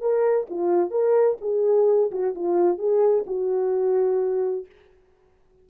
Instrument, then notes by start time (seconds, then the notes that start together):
horn
0.00 A#4
0.49 F4
0.90 A#4
1.41 G#4
2.11 F#4
2.34 F4
2.78 G#4
3.26 F#4